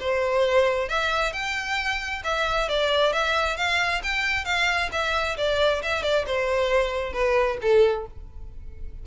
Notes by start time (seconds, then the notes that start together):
0.00 C5
0.89 E5
1.33 G5
2.24 E5
2.69 D5
3.13 E5
3.57 F5
4.03 G5
4.45 F5
4.92 E5
5.37 D5
5.82 E5
6.03 D5
6.26 C5
7.13 B4
7.61 A4